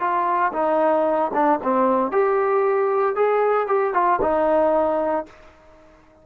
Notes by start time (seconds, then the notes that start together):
0.00 F4
0.53 D#4
1.34 D4
1.63 C4
2.12 G4
3.16 G#4
3.68 G4
3.94 F4
4.22 D#4